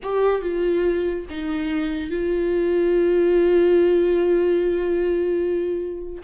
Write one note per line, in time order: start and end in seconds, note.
0.02 0.41 G4
0.41 1.26 F4
1.29 2.10 D#4
2.10 6.22 F4